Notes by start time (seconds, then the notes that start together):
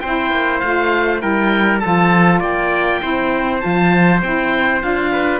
0.00 C4 E4 C5 G5
0.31 A#3
0.59 A3 F4 F5
1.19 G3 E4 A#4 G5
1.79 F4 A4 A5
1.85 F3
2.40 A#3 D5 G5
3.00 C4 E4 C5
3.60 F3 F4 A5
4.22 C4 E4 G5
4.81 D4 F4 F5
5.12 B4